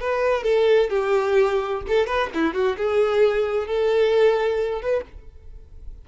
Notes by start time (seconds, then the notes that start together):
0.00 B4
0.43 A4
0.90 G4
1.88 A4
2.06 B4
2.34 E4
2.53 F#4
2.78 G#4
3.67 A4
4.82 B4